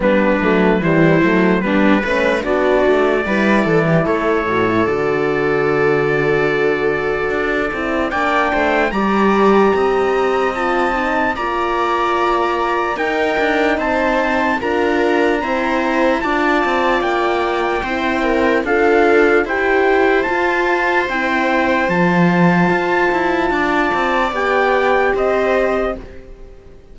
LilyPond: <<
  \new Staff \with { instrumentName = "trumpet" } { \time 4/4 \tempo 4 = 74 b'4 c''4 b'4 d''4~ | d''4 cis''4 d''2~ | d''2 g''4 ais''4~ | ais''4 a''4 ais''2 |
g''4 a''4 ais''2 | a''4 g''2 f''4 | g''4 a''4 g''4 a''4~ | a''2 g''4 dis''4 | }
  \new Staff \with { instrumentName = "viola" } { \time 4/4 d'4 e'4 d'8 b'8 fis'4 | b'8 a'16 g'16 a'2.~ | a'2 d''8 c''8 d''4 | dis''2 d''2 |
ais'4 c''4 ais'4 c''4 | d''2 c''8 ais'8 a'4 | c''1~ | c''4 d''2 c''4 | }
  \new Staff \with { instrumentName = "horn" } { \time 4/4 b8 a8 g8 a8 b8 cis'8 d'4 | e'4. fis'16 e'16 fis'2~ | fis'4. e'8 d'4 g'4~ | g'4 f'8 dis'8 f'2 |
dis'2 f'4 c'4 | f'2 e'4 f'4 | g'4 f'4 e'4 f'4~ | f'2 g'2 | }
  \new Staff \with { instrumentName = "cello" } { \time 4/4 g8 fis8 e8 fis8 g8 a8 b8 a8 | g8 e8 a8 a,8 d2~ | d4 d'8 c'8 ais8 a8 g4 | c'2 ais2 |
dis'8 d'8 c'4 d'4 e'4 | d'8 c'8 ais4 c'4 d'4 | e'4 f'4 c'4 f4 | f'8 e'8 d'8 c'8 b4 c'4 | }
>>